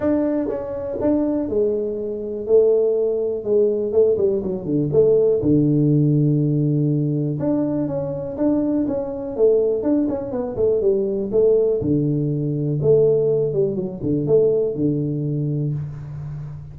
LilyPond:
\new Staff \with { instrumentName = "tuba" } { \time 4/4 \tempo 4 = 122 d'4 cis'4 d'4 gis4~ | gis4 a2 gis4 | a8 g8 fis8 d8 a4 d4~ | d2. d'4 |
cis'4 d'4 cis'4 a4 | d'8 cis'8 b8 a8 g4 a4 | d2 a4. g8 | fis8 d8 a4 d2 | }